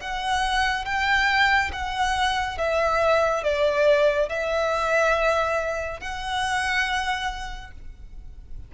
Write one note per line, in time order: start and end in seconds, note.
0.00 0.85 F#5
0.85 1.70 G5
1.72 2.58 F#5
2.58 3.43 E5
3.43 4.29 D5
4.29 6.00 E5
6.00 7.71 F#5